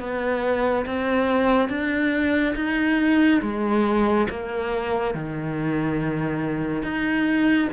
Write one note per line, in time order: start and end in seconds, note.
0.00 0.86 B3
0.86 1.69 C4
1.69 2.55 D4
2.56 3.41 D#4
3.42 4.28 G#3
4.30 5.15 A#3
5.15 6.83 D#3
6.83 7.69 D#4